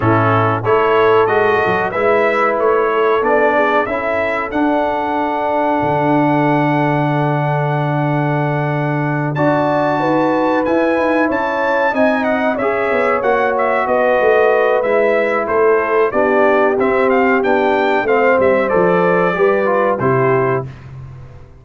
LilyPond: <<
  \new Staff \with { instrumentName = "trumpet" } { \time 4/4 \tempo 4 = 93 a'4 cis''4 dis''4 e''4 | cis''4 d''4 e''4 fis''4~ | fis''1~ | fis''2~ fis''8 a''4.~ |
a''8 gis''4 a''4 gis''8 fis''8 e''8~ | e''8 fis''8 e''8 dis''4. e''4 | c''4 d''4 e''8 f''8 g''4 | f''8 e''8 d''2 c''4 | }
  \new Staff \with { instrumentName = "horn" } { \time 4/4 e'4 a'2 b'4~ | b'8 a'4 gis'8 a'2~ | a'1~ | a'2~ a'8 d''4 b'8~ |
b'4. cis''4 dis''4 cis''8~ | cis''4. b'2~ b'8 | a'4 g'2. | c''2 b'4 g'4 | }
  \new Staff \with { instrumentName = "trombone" } { \time 4/4 cis'4 e'4 fis'4 e'4~ | e'4 d'4 e'4 d'4~ | d'1~ | d'2~ d'8 fis'4.~ |
fis'8 e'2 dis'4 gis'8~ | gis'8 fis'2~ fis'8 e'4~ | e'4 d'4 c'4 d'4 | c'4 a'4 g'8 f'8 e'4 | }
  \new Staff \with { instrumentName = "tuba" } { \time 4/4 a,4 a4 gis8 fis8 gis4 | a4 b4 cis'4 d'4~ | d'4 d2.~ | d2~ d8 d'4 dis'8~ |
dis'8 e'8 dis'8 cis'4 c'4 cis'8 | b8 ais4 b8 a4 gis4 | a4 b4 c'4 b4 | a8 g8 f4 g4 c4 | }
>>